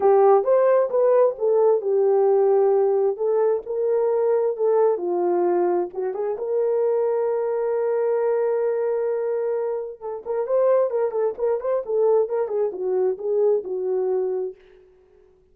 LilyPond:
\new Staff \with { instrumentName = "horn" } { \time 4/4 \tempo 4 = 132 g'4 c''4 b'4 a'4 | g'2. a'4 | ais'2 a'4 f'4~ | f'4 fis'8 gis'8 ais'2~ |
ais'1~ | ais'2 a'8 ais'8 c''4 | ais'8 a'8 ais'8 c''8 a'4 ais'8 gis'8 | fis'4 gis'4 fis'2 | }